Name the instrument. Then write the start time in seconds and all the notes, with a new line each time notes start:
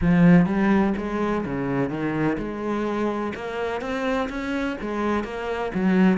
cello
0.01 F3
0.45 G3
0.97 G#3
1.45 C#3
1.89 D#3
2.38 G#3
3.35 A#3
3.81 C4
4.29 C#4
4.81 G#3
5.24 A#3
5.74 F#3